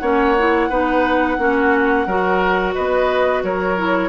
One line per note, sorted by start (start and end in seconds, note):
0.00 0.70 A#3
0.00 0.37 C#4
0.00 0.69 C#5
0.00 2.73 F#5
0.39 0.71 E4
0.69 1.38 B3
0.69 1.39 D#4
0.69 1.38 B4
1.38 2.07 A#3
1.38 2.07 C#4
1.38 2.07 F#4
2.07 2.75 F#3
2.07 3.78 F#4
2.07 2.75 A#4
2.75 3.43 B3
2.75 3.43 B4
2.75 3.43 D#5
3.43 4.10 F#3
3.43 4.10 A#4
3.43 4.10 C#5
3.78 4.10 E4